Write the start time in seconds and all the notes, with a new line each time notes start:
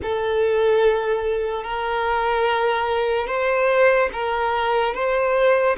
0.02 A4
1.63 A#4
3.27 C5
4.12 A#4
4.94 C5